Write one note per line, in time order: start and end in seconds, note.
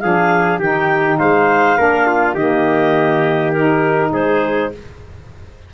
0.00 0.59 F3
0.00 0.61 D4
0.00 0.59 G#4
0.00 0.59 F5
0.59 1.18 D#3
0.59 1.77 D#4
0.59 1.18 G4
0.59 1.18 G5
1.18 1.78 G#3
1.18 1.77 C5
1.18 2.36 F5
1.77 2.34 A#3
1.77 2.36 D4
1.77 2.07 A#4
2.07 2.35 F4
2.34 4.11 D#3
2.34 3.55 A#3
2.34 4.11 G4
2.34 3.52 D#5
3.52 4.74 D#4
3.52 4.11 A#4
4.11 4.70 G#3
4.11 4.72 G#4
4.11 4.72 C5